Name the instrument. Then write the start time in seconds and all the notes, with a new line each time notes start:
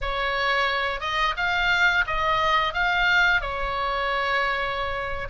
oboe
0.01 C#5
1.00 D#5
1.36 F5
2.06 D#5
2.73 F5
3.41 C#5